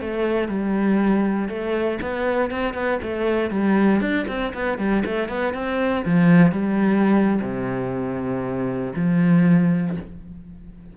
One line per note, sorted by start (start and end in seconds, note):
0.00 0.48 A3
0.48 1.48 G3
1.48 1.99 A3
2.01 2.50 B3
2.50 2.73 C4
2.73 2.98 B3
3.02 3.50 A3
3.50 4.00 G3
4.00 4.25 D4
4.27 4.53 C4
4.53 4.78 B3
4.78 5.03 G3
5.05 5.28 A3
5.28 5.53 B3
5.53 6.04 C4
6.05 6.52 F3
6.52 7.40 G3
7.41 8.92 C3
8.95 9.96 F3